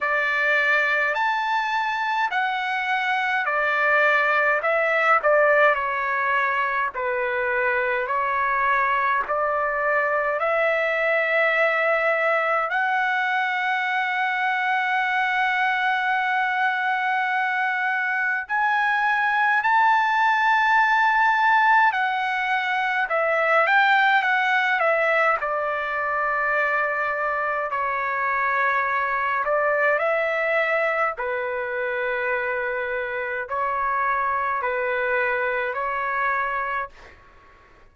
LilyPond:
\new Staff \with { instrumentName = "trumpet" } { \time 4/4 \tempo 4 = 52 d''4 a''4 fis''4 d''4 | e''8 d''8 cis''4 b'4 cis''4 | d''4 e''2 fis''4~ | fis''1 |
gis''4 a''2 fis''4 | e''8 g''8 fis''8 e''8 d''2 | cis''4. d''8 e''4 b'4~ | b'4 cis''4 b'4 cis''4 | }